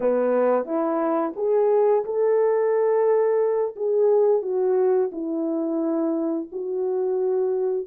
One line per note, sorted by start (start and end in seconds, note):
0.00 0.65 B3
0.65 1.33 E4
1.36 2.04 G#4
2.05 3.75 A4
3.76 4.42 G#4
4.42 5.10 F#4
5.11 6.48 E4
6.51 7.86 F#4